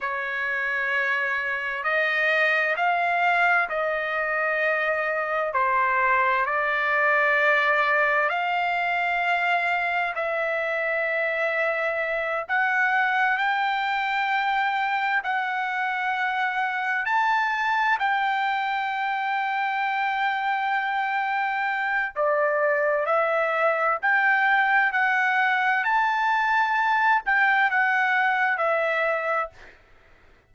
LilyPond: \new Staff \with { instrumentName = "trumpet" } { \time 4/4 \tempo 4 = 65 cis''2 dis''4 f''4 | dis''2 c''4 d''4~ | d''4 f''2 e''4~ | e''4. fis''4 g''4.~ |
g''8 fis''2 a''4 g''8~ | g''1 | d''4 e''4 g''4 fis''4 | a''4. g''8 fis''4 e''4 | }